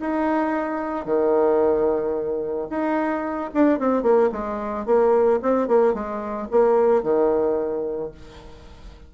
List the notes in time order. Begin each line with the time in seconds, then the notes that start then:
0.00 D#4
1.05 D#3
2.70 D#4
3.54 D4
3.79 C4
4.03 A#3
4.32 G#3
4.86 A#3
5.42 C4
5.68 A#3
5.94 G#3
6.51 A#3
7.03 D#3